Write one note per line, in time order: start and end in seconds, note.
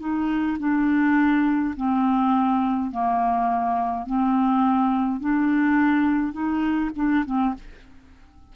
0.00 0.58 D#4
0.60 1.75 D4
1.77 2.91 C4
2.91 4.06 A#3
4.06 5.21 C4
5.21 6.33 D4
6.33 6.91 D#4
6.96 7.25 D4
7.26 7.55 C4